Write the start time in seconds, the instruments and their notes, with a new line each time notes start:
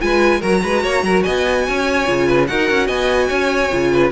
0.00 cello G#3, viola F4, violin B4 G#5
0.40 cello F#3, viola F#4, violin A#4 A#5
0.63 cello G#3, violin B4
0.83 cello A#3, violin C#5
1.02 cello F#3, violin A#4
1.23 cello B3, violin D#5 G#5
1.67 cello C#4, violin C#5
2.06 cello C#3, viola F4
2.27 violin B4
2.47 cello D#4, viola F#4, violin A#4 F#5
2.70 cello C#4
2.86 cello B3, violin D#5 G#5
3.28 cello C#4, violin C#5
3.71 cello C#3, viola F4
3.92 violin B4